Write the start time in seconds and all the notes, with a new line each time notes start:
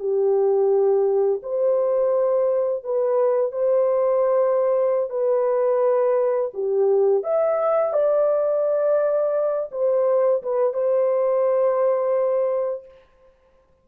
0.00 G4
1.43 C5
2.84 B4
3.52 C5
5.10 B4
6.54 G4
7.24 E5
7.93 D5
9.72 C5
10.43 B4
10.74 C5